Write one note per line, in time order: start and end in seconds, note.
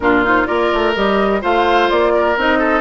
0.00 0.46 A#2
0.00 0.24 D4
0.00 0.47 F4
0.00 0.24 A#4
0.24 0.46 D#4
0.24 0.46 C5
0.46 0.72 A#3
0.46 0.93 F4
0.46 1.41 A#4
0.46 0.93 D5
0.73 0.95 A3
0.95 1.43 G3
0.95 1.41 G4
0.95 1.42 D#5
1.41 1.90 A3
1.41 2.36 F4
1.41 2.12 C5
1.41 1.90 F5
1.90 2.37 A#3
1.90 2.37 D5
2.14 2.58 A#4
2.37 2.81 C4
2.37 2.81 D#4
2.37 2.81 D#5
2.58 2.81 A4